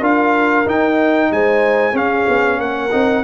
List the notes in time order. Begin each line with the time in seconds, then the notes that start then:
0.00 D4 F4 A#4 F5
0.66 D#4 G5
1.31 G#3 C5 G#5
1.93 C#4 G#4 F5
2.28 B3
2.59 A#3 A#4 F#5
2.92 C4 D#4